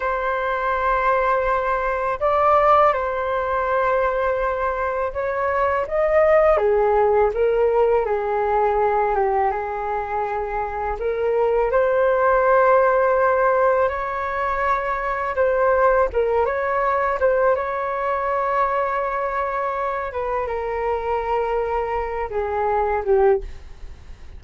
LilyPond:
\new Staff \with { instrumentName = "flute" } { \time 4/4 \tempo 4 = 82 c''2. d''4 | c''2. cis''4 | dis''4 gis'4 ais'4 gis'4~ | gis'8 g'8 gis'2 ais'4 |
c''2. cis''4~ | cis''4 c''4 ais'8 cis''4 c''8 | cis''2.~ cis''8 b'8 | ais'2~ ais'8 gis'4 g'8 | }